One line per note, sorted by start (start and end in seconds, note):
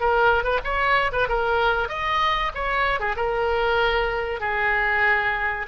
0.00 0.43 A#4
0.43 0.59 B4
0.64 1.11 C#5
1.12 1.27 B4
1.28 1.88 A#4
1.88 2.51 D#5
2.54 2.99 C#5
2.99 3.15 G#4
3.16 4.40 A#4
4.40 5.66 G#4